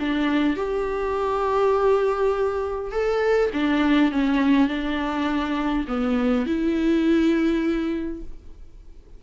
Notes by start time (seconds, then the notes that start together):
0.00 D4
0.57 G4
2.92 A4
3.54 D4
4.12 C#4
4.68 D4
5.88 B3
6.47 E4